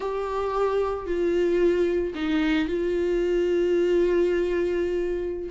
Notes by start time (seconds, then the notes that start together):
0.00 G4
1.06 F4
2.15 D#4
2.68 F4